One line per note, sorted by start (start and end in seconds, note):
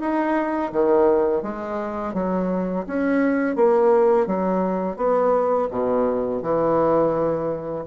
0.00 0.71 D#4
0.72 1.43 D#3
1.43 2.14 G#3
2.14 2.85 F#3
2.87 3.56 C#4
3.56 4.27 A#3
4.27 4.97 F#3
4.97 5.68 B3
5.71 6.42 B2
6.42 7.85 E3